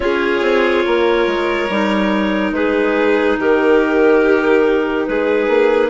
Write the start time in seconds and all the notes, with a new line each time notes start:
0.00 C#4 F4 G#4 C#5
0.41 C4
0.85 A#3 A#4
1.26 G#3
1.69 G3 D#4
2.51 G#3 G#4 B4
3.38 D#3 G4 A#4
5.05 G#3 G#4 B4
5.48 A#3